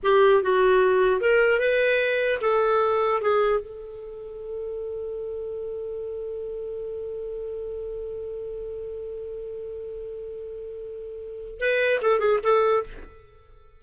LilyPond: \new Staff \with { instrumentName = "clarinet" } { \time 4/4 \tempo 4 = 150 g'4 fis'2 ais'4 | b'2 a'2 | gis'4 a'2.~ | a'1~ |
a'1~ | a'1~ | a'1~ | a'4 b'4 a'8 gis'8 a'4 | }